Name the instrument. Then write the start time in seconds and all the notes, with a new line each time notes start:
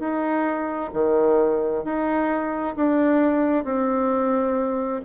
bassoon
0.00 D#4
0.94 D#3
1.85 D#4
2.76 D4
3.65 C4